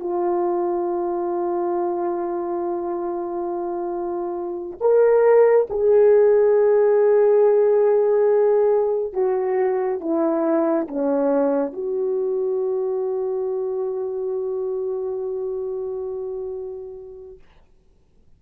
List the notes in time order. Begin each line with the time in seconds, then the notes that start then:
0.00 F4
4.81 A#4
5.70 G#4
9.13 F#4
10.00 E4
10.88 C#4
11.73 F#4